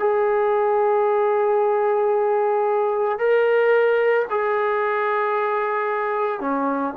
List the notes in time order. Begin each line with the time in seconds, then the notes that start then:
0.00 G#4
3.19 A#4
4.31 G#4
6.40 C#4